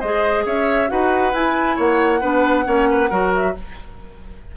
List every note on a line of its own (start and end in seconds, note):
0.00 0.46 G#3
0.00 0.88 G#4
0.00 0.44 C5
0.00 0.45 D#5
0.46 0.90 C#4
0.46 0.90 C#5
0.46 0.90 E5
0.88 1.33 D#4
0.88 1.32 F#4
0.88 1.76 B4
0.88 1.34 F#5
1.33 1.77 E4
1.33 2.21 E4
1.33 1.78 G#5
1.76 2.22 A#3
1.76 2.20 C#5
1.76 3.34 F#5
2.20 2.66 B3
2.20 2.65 D4
2.20 2.65 B4
2.65 3.11 A#3
2.65 3.09 C#4
2.65 2.89 C#5
2.90 3.10 B4
3.10 3.55 F#3
3.10 3.54 F#4
3.10 3.54 A#4
3.34 3.56 E5